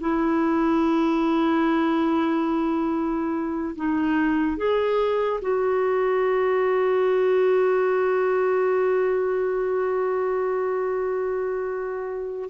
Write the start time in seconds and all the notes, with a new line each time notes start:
0.00 E4
3.76 D#4
4.57 G#4
5.41 F#4